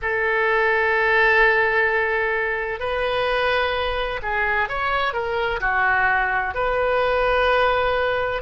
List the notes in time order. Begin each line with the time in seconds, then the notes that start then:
0.02 A4
2.79 B4
4.22 G#4
4.69 C#5
5.13 A#4
5.60 F#4
6.54 B4